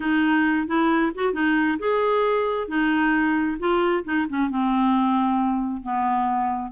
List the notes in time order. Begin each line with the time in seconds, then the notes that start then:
0.00 D#4
0.67 E4
1.14 F#4
1.33 D#4
1.79 G#4
2.67 D#4
3.59 F4
4.04 D#4
4.29 C#4
4.49 C4
5.82 B3